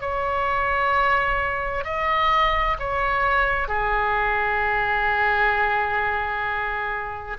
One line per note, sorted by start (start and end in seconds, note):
0.00 1.84 C#5
1.84 2.77 D#5
2.79 3.68 C#5
3.68 7.37 G#4